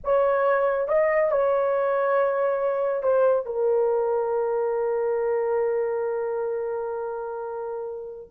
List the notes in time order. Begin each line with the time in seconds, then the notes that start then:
0.04 C#5
0.88 D#5
1.31 C#5
3.03 C5
3.45 A#4